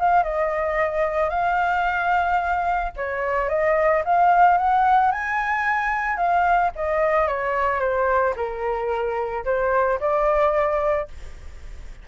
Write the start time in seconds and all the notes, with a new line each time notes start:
0.00 F5
0.24 D#5
1.30 F5
2.97 C#5
3.49 D#5
4.05 F5
4.58 F#5
5.12 G#5
6.17 F5
6.76 D#5
7.28 C#5
7.80 C5
8.36 A#4
9.45 C5
10.00 D5